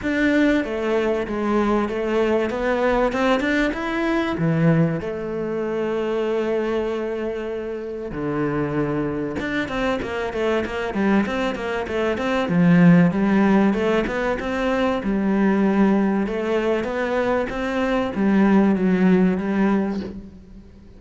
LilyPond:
\new Staff \with { instrumentName = "cello" } { \time 4/4 \tempo 4 = 96 d'4 a4 gis4 a4 | b4 c'8 d'8 e'4 e4 | a1~ | a4 d2 d'8 c'8 |
ais8 a8 ais8 g8 c'8 ais8 a8 c'8 | f4 g4 a8 b8 c'4 | g2 a4 b4 | c'4 g4 fis4 g4 | }